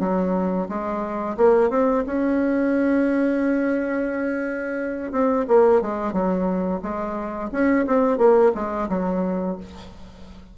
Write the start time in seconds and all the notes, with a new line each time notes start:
0.00 F#3
0.69 G#3
1.37 A#3
1.70 C4
2.06 C#4
5.12 C4
5.48 A#3
5.82 G#3
6.13 F#3
6.82 G#3
7.52 C#4
7.87 C4
8.18 A#3
8.55 G#3
8.89 F#3